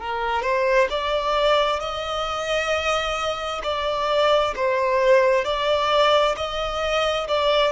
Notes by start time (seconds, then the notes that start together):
0.00 A#4
0.42 C5
0.89 D5
1.79 D#5
3.63 D5
4.55 C5
5.44 D5
6.36 D#5
7.28 D5